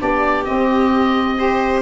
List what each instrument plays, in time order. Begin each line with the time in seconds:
0.00 tuba B3, saxophone D4, viola G4, oboe D5
0.45 saxophone C4, tuba C4, oboe D#5
1.37 saxophone G4, viola C5